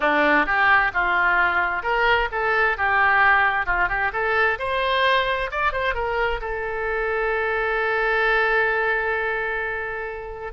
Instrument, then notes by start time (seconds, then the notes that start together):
oboe
0.00 D4
0.45 G4
0.93 F4
1.82 A#4
2.31 A4
2.77 G4
3.65 F4
3.88 G4
4.12 A4
4.58 C5
5.51 D5
5.72 C5
5.94 A#4
6.40 A4